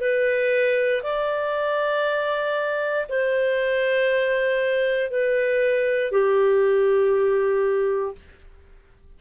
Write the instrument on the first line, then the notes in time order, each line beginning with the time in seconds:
clarinet
0.00 B4
1.03 D5
3.08 C5
5.10 B4
6.11 G4